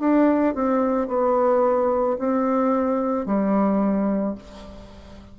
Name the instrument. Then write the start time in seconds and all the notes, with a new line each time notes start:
bassoon
0.00 D4
0.55 C4
1.08 B3
2.19 C4
3.26 G3